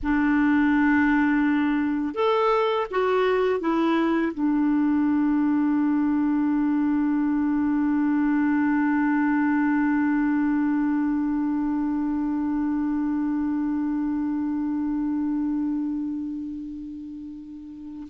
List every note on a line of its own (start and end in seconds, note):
0.02 2.14 D4
2.14 2.86 A4
2.90 3.59 F#4
3.59 4.32 E4
4.34 18.07 D4